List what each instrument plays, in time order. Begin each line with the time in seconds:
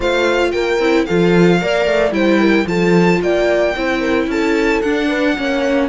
0.00 cello A3, viola F4, horn C5, violin F5
0.51 cello A#3, horn A#4, violin G5
0.79 cello C4, viola E4
1.05 cello F3, viola F4, horn A4, violin F5
1.60 cello A#3, viola A#4, horn D5
1.85 cello A3
2.11 cello G3, viola E4, horn C5, violin G5
2.40 horn A#4
2.66 cello F3, viola F4, horn A4, violin A5
3.21 cello A#3, horn D5, violin G5
3.76 cello C4, viola E4, horn C5
4.00 horn A#4
4.27 cello C#4, horn A4, violin A5
4.81 cello D4, viola D4, violin F#5
5.07 horn B4
5.36 cello A#3, viola C#4, horn C#5